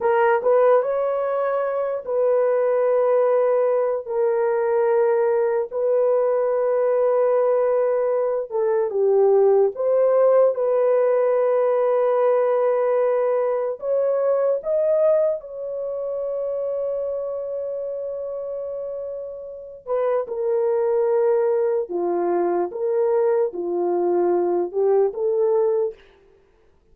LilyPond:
\new Staff \with { instrumentName = "horn" } { \time 4/4 \tempo 4 = 74 ais'8 b'8 cis''4. b'4.~ | b'4 ais'2 b'4~ | b'2~ b'8 a'8 g'4 | c''4 b'2.~ |
b'4 cis''4 dis''4 cis''4~ | cis''1~ | cis''8 b'8 ais'2 f'4 | ais'4 f'4. g'8 a'4 | }